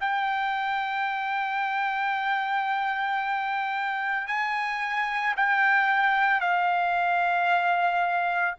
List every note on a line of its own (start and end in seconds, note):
0.00 4.28 G5
4.28 5.35 G#5
5.37 6.40 G5
6.40 8.55 F5